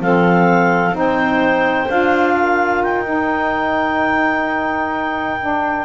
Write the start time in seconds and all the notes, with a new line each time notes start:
0.00 F3 C4 A4 F5
0.92 C4 D#4 C5 G5
1.89 D4 F4 F5
2.34 A#4
2.82 D#4 G5
3.04 D#4
5.40 D4